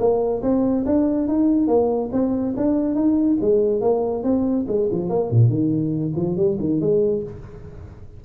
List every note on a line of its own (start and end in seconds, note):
0.00 0.43 A#3
0.43 0.85 C4
0.86 1.28 D4
1.28 1.68 D#4
1.68 2.10 A#3
2.13 2.55 C4
2.57 2.95 D4
2.95 3.38 D#4
3.42 3.81 G#3
3.81 4.24 A#3
4.24 4.66 C4
4.68 4.90 G#3
4.92 5.10 F3
5.10 5.31 A#3
5.31 5.50 A#2
5.50 6.14 D#3
6.16 6.37 F3
6.37 6.58 G3
6.60 6.81 D#3
6.81 7.24 G#3